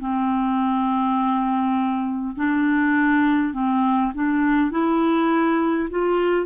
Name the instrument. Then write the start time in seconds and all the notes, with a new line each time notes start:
clarinet
0.00 C4
2.36 D4
3.54 C4
4.15 D4
4.72 E4
5.90 F4